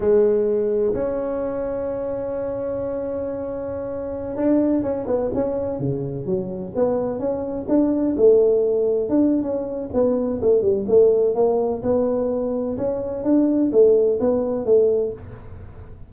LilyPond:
\new Staff \with { instrumentName = "tuba" } { \time 4/4 \tempo 4 = 127 gis2 cis'2~ | cis'1~ | cis'4~ cis'16 d'4 cis'8 b8 cis'8.~ | cis'16 cis4 fis4 b4 cis'8.~ |
cis'16 d'4 a2 d'8. | cis'4 b4 a8 g8 a4 | ais4 b2 cis'4 | d'4 a4 b4 a4 | }